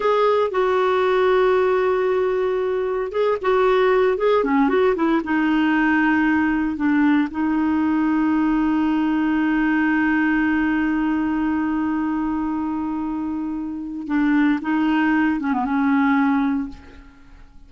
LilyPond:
\new Staff \with { instrumentName = "clarinet" } { \time 4/4 \tempo 4 = 115 gis'4 fis'2.~ | fis'2 gis'8 fis'4. | gis'8 cis'8 fis'8 e'8 dis'2~ | dis'4 d'4 dis'2~ |
dis'1~ | dis'1~ | dis'2. d'4 | dis'4. cis'16 b16 cis'2 | }